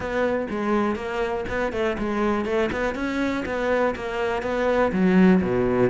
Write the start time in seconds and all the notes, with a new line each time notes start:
0.00 B3
0.50 G#3
0.95 A#3
1.48 B3
1.72 A3
1.98 G#3
2.45 A3
2.72 B3
2.94 C#4
3.45 B3
3.95 A#3
4.42 B3
4.92 F#3
5.41 B2